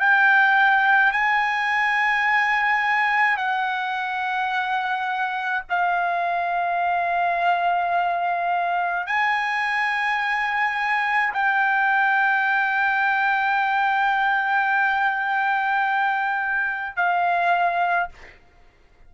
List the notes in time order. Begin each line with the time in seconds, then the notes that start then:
0.00 G5
1.12 G#5
3.38 F#5
5.70 F5
9.07 G#5
11.34 G5
16.97 F5